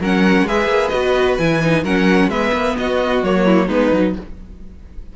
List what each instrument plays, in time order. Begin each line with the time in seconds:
0.00 cello F#3, viola C#4, violin A#4 F#5
0.43 cello G#3, viola G#4, violin B4 E5
0.66 cello A#3
0.88 cello B3, viola F#4, violin D#5
1.37 cello E3, viola E4, violin G#5
1.62 viola D#4
1.82 cello F#3, viola C#4, violin A#4 F#5
2.28 cello G#3, viola B3, violin B4 E5
2.52 cello A#3
2.78 cello B3, violin F#4 D#5
3.22 cello F#3, viola A#3, violin C#5
3.45 violin E4
3.66 cello G#3, viola B3, violin D#4 B4
3.92 cello F#3, viola D#4